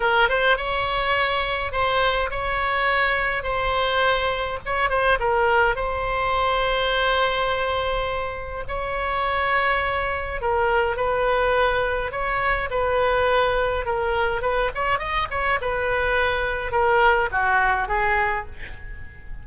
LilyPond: \new Staff \with { instrumentName = "oboe" } { \time 4/4 \tempo 4 = 104 ais'8 c''8 cis''2 c''4 | cis''2 c''2 | cis''8 c''8 ais'4 c''2~ | c''2. cis''4~ |
cis''2 ais'4 b'4~ | b'4 cis''4 b'2 | ais'4 b'8 cis''8 dis''8 cis''8 b'4~ | b'4 ais'4 fis'4 gis'4 | }